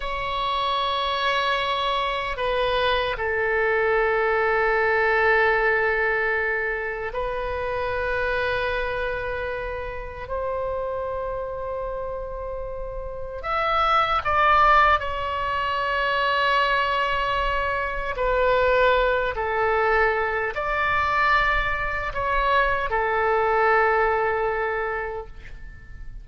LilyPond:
\new Staff \with { instrumentName = "oboe" } { \time 4/4 \tempo 4 = 76 cis''2. b'4 | a'1~ | a'4 b'2.~ | b'4 c''2.~ |
c''4 e''4 d''4 cis''4~ | cis''2. b'4~ | b'8 a'4. d''2 | cis''4 a'2. | }